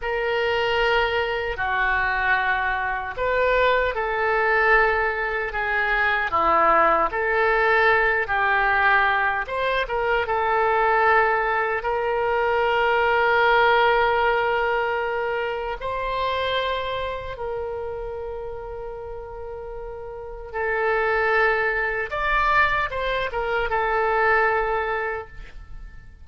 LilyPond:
\new Staff \with { instrumentName = "oboe" } { \time 4/4 \tempo 4 = 76 ais'2 fis'2 | b'4 a'2 gis'4 | e'4 a'4. g'4. | c''8 ais'8 a'2 ais'4~ |
ais'1 | c''2 ais'2~ | ais'2 a'2 | d''4 c''8 ais'8 a'2 | }